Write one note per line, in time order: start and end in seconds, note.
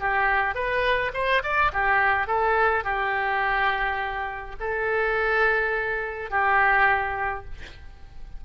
0.00 0.55 G4
0.55 1.12 B4
1.14 1.42 C5
1.43 1.72 D5
1.73 2.27 G4
2.27 2.84 A4
2.84 4.56 G4
4.60 6.30 A4
6.30 7.45 G4